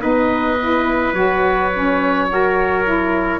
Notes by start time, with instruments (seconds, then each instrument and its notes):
0.00 tuba B3, saxophone D#4, trumpet B4, oboe D#5
0.60 saxophone E4
1.13 tuba F#3, saxophone F#4, oboe C#5
1.74 saxophone C#4
2.29 saxophone F#4, trumpet A#4
2.84 saxophone E4